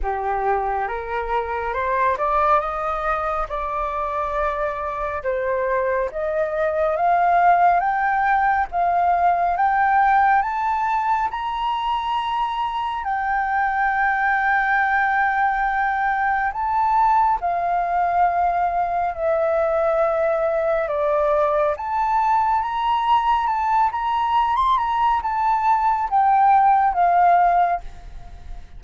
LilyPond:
\new Staff \with { instrumentName = "flute" } { \time 4/4 \tempo 4 = 69 g'4 ais'4 c''8 d''8 dis''4 | d''2 c''4 dis''4 | f''4 g''4 f''4 g''4 | a''4 ais''2 g''4~ |
g''2. a''4 | f''2 e''2 | d''4 a''4 ais''4 a''8 ais''8~ | ais''16 c'''16 ais''8 a''4 g''4 f''4 | }